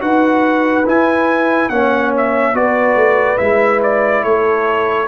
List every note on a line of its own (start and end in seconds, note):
0.00 0.86 D#4
0.00 0.85 F#4
0.00 1.71 B4
0.00 0.86 F#5
0.86 1.70 E4
0.86 1.69 G#5
1.69 2.54 A#3
1.69 2.54 C#4
1.69 2.57 C#5
1.69 2.12 F#5
2.17 2.56 E5
2.54 2.96 B3
2.54 3.38 F#4
2.54 4.24 B4
2.54 3.38 D5
2.96 3.38 A3
3.38 4.25 G#3
3.38 5.07 E4
3.38 3.80 E5
3.83 4.23 D5
4.23 5.08 A3
4.23 5.08 A4
4.23 5.08 C#5